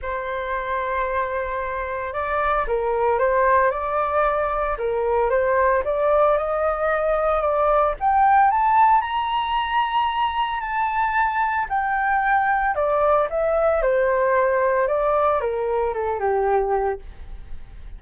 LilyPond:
\new Staff \with { instrumentName = "flute" } { \time 4/4 \tempo 4 = 113 c''1 | d''4 ais'4 c''4 d''4~ | d''4 ais'4 c''4 d''4 | dis''2 d''4 g''4 |
a''4 ais''2. | a''2 g''2 | d''4 e''4 c''2 | d''4 ais'4 a'8 g'4. | }